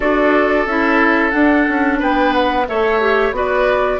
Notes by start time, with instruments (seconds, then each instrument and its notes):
0.00 bassoon D4, clarinet F#4, oboe A4, flute D5
0.66 bassoon C#4, clarinet E4, flute E5
1.30 clarinet D4, bassoon D4, flute F#5
1.68 bassoon C#4
1.99 bassoon B3, oboe B4, flute G5
2.33 flute F#5
2.67 bassoon A3, clarinet A4, oboe C#5, flute E5
3.00 clarinet G4
3.31 bassoon B3, clarinet F#4, oboe B4, flute D5